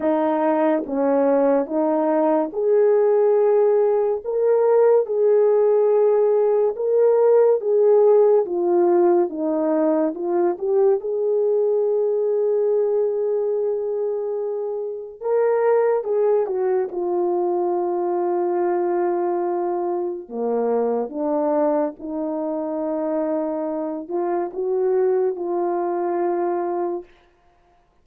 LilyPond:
\new Staff \with { instrumentName = "horn" } { \time 4/4 \tempo 4 = 71 dis'4 cis'4 dis'4 gis'4~ | gis'4 ais'4 gis'2 | ais'4 gis'4 f'4 dis'4 | f'8 g'8 gis'2.~ |
gis'2 ais'4 gis'8 fis'8 | f'1 | ais4 d'4 dis'2~ | dis'8 f'8 fis'4 f'2 | }